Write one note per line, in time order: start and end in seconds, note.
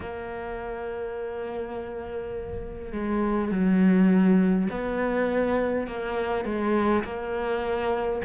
0.00 2.92 A#3
2.92 3.51 G#3
3.51 4.68 F#3
4.70 5.87 B3
5.87 6.44 A#3
6.44 7.03 G#3
7.04 8.21 A#3